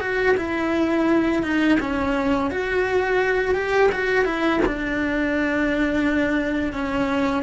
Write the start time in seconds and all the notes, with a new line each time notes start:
0.00 F#4
0.36 E4
1.42 D#4
1.80 C#4
2.50 F#4
3.54 G4
3.91 F#4
4.24 E4
4.65 D4
6.73 C#4